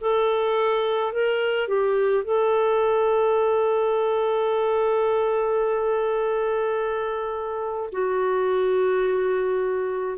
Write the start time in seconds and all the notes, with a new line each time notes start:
0.00 A4
1.12 A#4
1.67 G4
2.23 A4
7.92 F#4